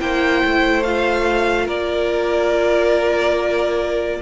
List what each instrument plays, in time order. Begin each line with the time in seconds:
0.00 cello A#3, viola E4, violin C5 G5
0.44 cello A3
0.84 viola F4, violin F5
1.66 cello A#3, violin A#4 D5